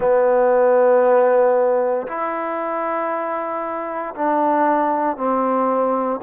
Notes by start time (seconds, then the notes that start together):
0.00 B3
2.07 E4
4.15 D4
5.16 C4